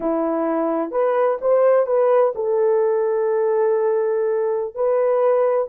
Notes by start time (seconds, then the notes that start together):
0.00 E4
0.91 B4
1.41 C5
1.86 B4
2.35 A4
4.74 B4